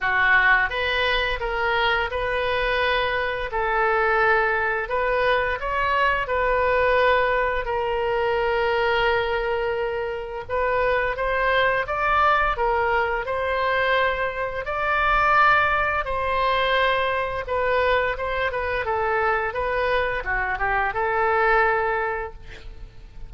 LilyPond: \new Staff \with { instrumentName = "oboe" } { \time 4/4 \tempo 4 = 86 fis'4 b'4 ais'4 b'4~ | b'4 a'2 b'4 | cis''4 b'2 ais'4~ | ais'2. b'4 |
c''4 d''4 ais'4 c''4~ | c''4 d''2 c''4~ | c''4 b'4 c''8 b'8 a'4 | b'4 fis'8 g'8 a'2 | }